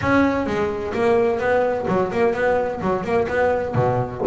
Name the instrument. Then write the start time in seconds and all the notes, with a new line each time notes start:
double bass
0.01 C#4
0.46 G#3
0.94 A#3
1.39 B3
1.88 F#3
2.12 A#3
2.33 B3
2.81 F#3
3.03 A#3
3.28 B3
3.74 B2